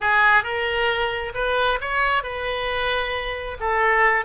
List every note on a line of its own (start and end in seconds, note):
0.01 0.43 G#4
0.43 1.32 A#4
1.34 1.79 B4
1.80 2.23 C#5
2.23 3.57 B4
3.60 4.25 A4